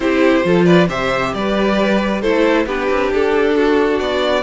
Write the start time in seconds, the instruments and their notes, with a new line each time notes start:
0.00 cello C4, viola E4, violin G4 C5
0.43 cello F3, viola F4, violin A4
0.65 violin B4 D5
0.88 cello C3, viola G4, violin C5 E5
1.34 cello G3, violin B4 D5
2.21 cello A3, viola E4, violin A4 C5
2.66 cello B3, viola D4, violin G4 B4
2.90 cello C4
3.13 cello D4, violin A4
3.55 violin F#4
3.99 cello B3, violin D5